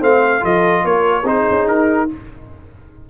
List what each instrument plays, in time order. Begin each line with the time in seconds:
0.00 tuba A3, trombone C4, horn C5, trumpet F5
0.41 tuba F3, trombone F4, horn A4, trumpet D#5
0.85 tuba A#3, horn A#4, trumpet C#5
1.24 tuba C4, trombone D#4, horn G#4, trumpet C5
1.51 tuba C#4
1.67 tuba D#4, trumpet A#4